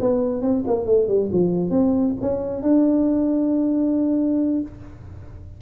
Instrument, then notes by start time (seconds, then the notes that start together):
tuba
0.00 B3
0.42 C4
0.67 A#3
0.86 A3
1.08 G3
1.32 F3
1.70 C4
2.21 C#4
2.62 D4